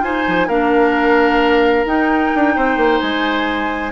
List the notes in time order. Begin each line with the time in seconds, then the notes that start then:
0.00 D#4 F4 C5 G#5
0.28 F3
0.48 A#3 D4 A#4 F5
1.86 D#4 G5
2.35 D4
2.56 C4 C5
2.77 A#3
3.00 G#3 G#5